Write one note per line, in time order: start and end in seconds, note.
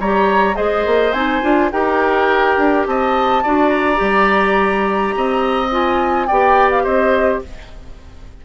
0.00 0.57 G3
0.00 0.55 G4
0.00 0.57 C#5
0.00 0.56 A#5
0.55 0.87 G#3
0.55 1.12 G#4
0.55 1.71 C5
0.55 1.13 D#5
0.87 1.13 A#3
1.13 1.42 C4
1.13 1.43 D#4
1.13 1.70 G#5
1.43 1.72 D4
1.43 1.71 F4
1.72 2.58 D#4
1.72 3.44 G4
1.72 2.87 A#4
1.72 2.86 G5
2.58 2.86 D4
2.87 3.44 C4
2.87 3.44 D#5
2.87 3.70 A5
3.44 4.01 D4
3.44 3.96 F#4
3.44 5.15 D5
3.70 5.70 A#5
3.96 5.15 G3
3.96 5.67 G4
5.17 6.31 C4
5.17 6.27 D#5
5.72 6.29 F4
5.72 6.27 G#5
6.27 6.85 B3
6.27 7.46 G4
6.27 6.84 D5
6.27 6.70 G5
6.71 6.85 F5
6.84 7.42 C4
6.84 7.41 C5
6.84 7.42 D#5